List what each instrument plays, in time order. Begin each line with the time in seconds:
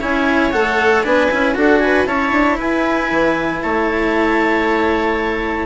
0.00 bassoon C#4, cello E4, viola C#5, clarinet G#5
0.52 bassoon A3, cello A4, clarinet F#5
1.03 bassoon B3, cello D4, viola B4, clarinet G#5
1.31 bassoon C#4, cello E4
1.54 bassoon D4, cello F#4, viola A4, clarinet F#5
1.79 viola B4, clarinet G#5
2.05 bassoon C#4, cello E4, viola C#5, clarinet A5
2.31 bassoon D4
2.57 bassoon E4, viola B4, clarinet G#5
3.10 bassoon E3
3.61 bassoon A3, viola C#5, clarinet A5